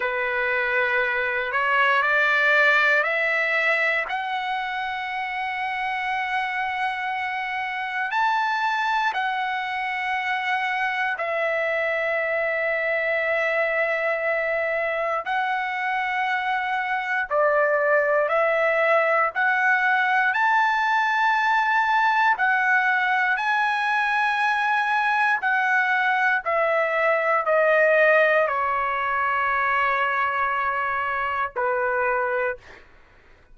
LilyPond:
\new Staff \with { instrumentName = "trumpet" } { \time 4/4 \tempo 4 = 59 b'4. cis''8 d''4 e''4 | fis''1 | a''4 fis''2 e''4~ | e''2. fis''4~ |
fis''4 d''4 e''4 fis''4 | a''2 fis''4 gis''4~ | gis''4 fis''4 e''4 dis''4 | cis''2. b'4 | }